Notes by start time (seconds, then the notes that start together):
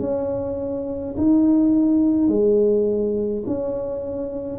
0.00 C#4
1.17 D#4
2.29 G#3
3.47 C#4